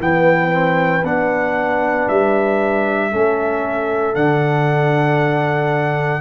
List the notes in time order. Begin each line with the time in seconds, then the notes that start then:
0.00 E3 B3 B4 G5
0.52 C4
1.04 B3 D4 F#5
2.09 G3 E5
3.11 A3 C#4 A4
4.15 D3 D4 F#5